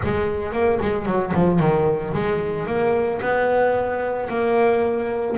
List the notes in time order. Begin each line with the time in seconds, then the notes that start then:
0.04 G#3
0.52 A#3
0.81 G#3
1.05 F#3
1.33 F3
1.59 D#3
2.13 G#3
2.66 A#3
3.21 B3
4.29 A#3